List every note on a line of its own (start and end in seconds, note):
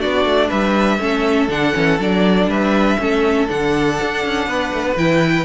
0.00 0.25 B3
0.00 0.99 D4
0.00 0.48 F#4
0.00 0.49 D5
0.25 0.49 A3
0.48 0.99 G3
0.48 0.98 B4
0.48 1.48 E5
0.99 1.48 A3
0.99 1.48 C#4
0.99 2.49 A4
1.48 1.73 D3
1.48 1.73 D4
1.48 2.00 F#5
1.73 1.99 E3
1.73 1.98 C#4
1.99 2.47 F#3
1.99 2.99 D4
1.99 2.50 D5
2.47 2.96 G3
2.47 2.99 B4
2.47 3.49 E5
2.99 3.48 A3
2.99 3.48 C#4
2.99 4.47 A4
3.48 4.00 D3
3.48 4.97 D4
3.48 4.97 F#5
4.01 4.25 D4
4.25 4.46 C#4
4.46 4.71 B3
4.46 5.45 B4
4.74 4.83 A3
4.83 4.96 B3
4.96 5.45 E3
4.96 5.45 E4
4.96 5.45 G5